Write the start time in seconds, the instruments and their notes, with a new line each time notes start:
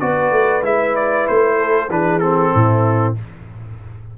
0.00 tuba B3, trombone F#4, horn B4, trumpet D5
0.32 tuba A3
0.62 tuba G#3, trombone E4, trumpet E5
0.96 trumpet D5
1.28 tuba A3, trumpet C5
1.58 horn A4
1.89 tuba E3, trombone D4, horn G#4, trumpet B4
2.19 trombone C4, trumpet A4
2.53 tuba A2, horn E4